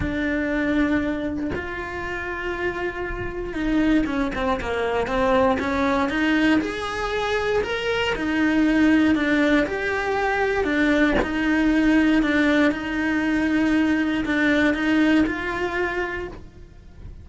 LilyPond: \new Staff \with { instrumentName = "cello" } { \time 4/4 \tempo 4 = 118 d'2. f'4~ | f'2. dis'4 | cis'8 c'8 ais4 c'4 cis'4 | dis'4 gis'2 ais'4 |
dis'2 d'4 g'4~ | g'4 d'4 dis'2 | d'4 dis'2. | d'4 dis'4 f'2 | }